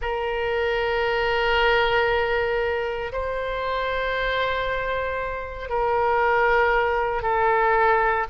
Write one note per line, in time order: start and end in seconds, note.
0.01 3.11 A#4
3.12 5.69 C5
5.69 7.22 A#4
7.22 8.25 A4